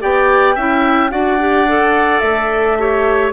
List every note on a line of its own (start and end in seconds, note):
0.00 0.56 B3
0.00 0.56 G4
0.00 0.55 D5
0.00 1.10 G5
0.55 1.11 C#4
0.55 1.09 E4
0.55 1.10 E5
1.09 2.22 D4
1.09 1.37 F#4
1.09 2.78 D5
1.09 2.19 F#5
1.39 1.67 G4
1.68 2.78 A4
2.19 3.32 A3
2.19 3.30 E5
2.78 3.32 G4
2.78 3.32 C#5